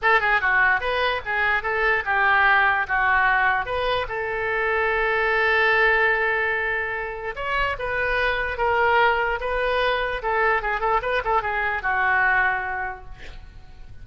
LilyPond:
\new Staff \with { instrumentName = "oboe" } { \time 4/4 \tempo 4 = 147 a'8 gis'8 fis'4 b'4 gis'4 | a'4 g'2 fis'4~ | fis'4 b'4 a'2~ | a'1~ |
a'2 cis''4 b'4~ | b'4 ais'2 b'4~ | b'4 a'4 gis'8 a'8 b'8 a'8 | gis'4 fis'2. | }